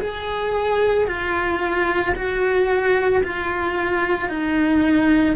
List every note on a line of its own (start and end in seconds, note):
0.00 1.07 G#4
1.07 2.14 F4
2.15 3.22 F#4
3.23 4.29 F4
4.29 5.36 D#4